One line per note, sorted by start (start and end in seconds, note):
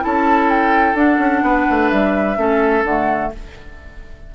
0.00 0.94 C#4
0.00 0.94 E4
0.00 1.44 A4
0.00 0.49 A5
0.49 0.97 G5
0.94 1.18 D4
0.94 2.37 D4
0.94 1.90 F#5
1.19 1.42 C#4
1.43 1.66 B3
1.43 2.38 B4
1.70 1.92 A3
1.90 2.38 G3
1.90 2.84 E5
2.37 2.84 A3
2.37 2.84 C#4
2.37 3.33 A4
2.84 3.31 D3
2.84 3.35 A3
2.84 3.32 F#5